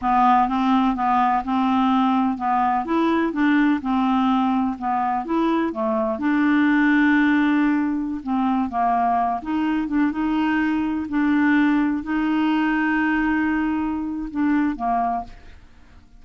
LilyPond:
\new Staff \with { instrumentName = "clarinet" } { \time 4/4 \tempo 4 = 126 b4 c'4 b4 c'4~ | c'4 b4 e'4 d'4 | c'2 b4 e'4 | a4 d'2.~ |
d'4~ d'16 c'4 ais4. dis'16~ | dis'8. d'8 dis'2 d'8.~ | d'4~ d'16 dis'2~ dis'8.~ | dis'2 d'4 ais4 | }